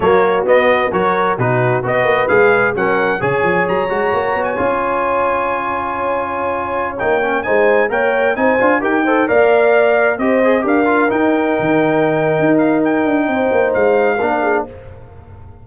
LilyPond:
<<
  \new Staff \with { instrumentName = "trumpet" } { \time 4/4 \tempo 4 = 131 cis''4 dis''4 cis''4 b'4 | dis''4 f''4 fis''4 gis''4 | ais''4.~ ais''16 gis''2~ gis''16~ | gis''2.~ gis''16 g''8.~ |
g''16 gis''4 g''4 gis''4 g''8.~ | g''16 f''2 dis''4 f''8.~ | f''16 g''2.~ g''16 f''8 | g''2 f''2 | }
  \new Staff \with { instrumentName = "horn" } { \time 4/4 fis'2 ais'4 fis'4 | b'2 ais'4 cis''4~ | cis''1~ | cis''1~ |
cis''16 c''4 cis''4 c''4 ais'8 c''16~ | c''16 d''2 c''4 ais'8.~ | ais'1~ | ais'4 c''2 ais'8 gis'8 | }
  \new Staff \with { instrumentName = "trombone" } { \time 4/4 ais4 b4 fis'4 dis'4 | fis'4 gis'4 cis'4 gis'4~ | gis'8 fis'4. f'2~ | f'2.~ f'16 dis'8 cis'16~ |
cis'16 dis'4 ais'4 dis'8 f'8 g'8 a'16~ | a'16 ais'2 g'8 gis'8 g'8 f'16~ | f'16 dis'2.~ dis'8.~ | dis'2. d'4 | }
  \new Staff \with { instrumentName = "tuba" } { \time 4/4 fis4 b4 fis4 b,4 | b8 ais8 gis4 fis4 cis8 f8 | fis8 gis8 ais8 b8 cis'2~ | cis'2.~ cis'16 ais8.~ |
ais16 gis4 ais4 c'8 d'8 dis'8.~ | dis'16 ais2 c'4 d'8.~ | d'16 dis'4 dis4.~ dis16 dis'4~ | dis'8 d'8 c'8 ais8 gis4 ais4 | }
>>